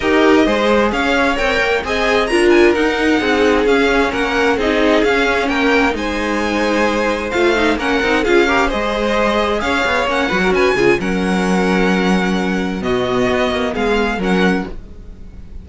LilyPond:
<<
  \new Staff \with { instrumentName = "violin" } { \time 4/4 \tempo 4 = 131 dis''2 f''4 g''4 | gis''4 ais''8 gis''8 fis''2 | f''4 fis''4 dis''4 f''4 | g''4 gis''2. |
f''4 fis''4 f''4 dis''4~ | dis''4 f''4 fis''4 gis''4 | fis''1 | dis''2 f''4 fis''4 | }
  \new Staff \with { instrumentName = "violin" } { \time 4/4 ais'4 c''4 cis''2 | dis''4 ais'2 gis'4~ | gis'4 ais'4 gis'2 | ais'4 c''2.~ |
c''4 ais'4 gis'8 ais'8 c''4~ | c''4 cis''4. b'16 ais'16 b'8 gis'8 | ais'1 | fis'2 gis'4 ais'4 | }
  \new Staff \with { instrumentName = "viola" } { \time 4/4 g'4 gis'2 ais'4 | gis'4 f'4 dis'2 | cis'2 dis'4 cis'4~ | cis'4 dis'2. |
f'8 dis'8 cis'8 dis'8 f'8 g'8 gis'4~ | gis'2 cis'8 fis'4 f'8 | cis'1 | b2. cis'4 | }
  \new Staff \with { instrumentName = "cello" } { \time 4/4 dis'4 gis4 cis'4 c'8 ais8 | c'4 d'4 dis'4 c'4 | cis'4 ais4 c'4 cis'4 | ais4 gis2. |
a4 ais8 c'8 cis'4 gis4~ | gis4 cis'8 b8 ais8 fis8 cis'8 cis8 | fis1 | b,4 b8 ais8 gis4 fis4 | }
>>